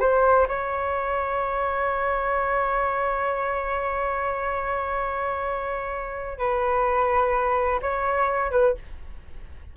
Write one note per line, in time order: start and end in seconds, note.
0.00 0.47 C5
0.49 6.39 C#5
6.39 7.80 B4
7.82 8.51 C#5
8.51 8.75 B4